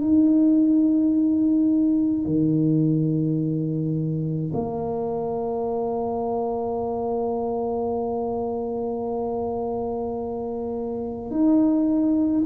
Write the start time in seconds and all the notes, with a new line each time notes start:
0.00 D#4
2.25 D#3
4.53 A#3
11.31 D#4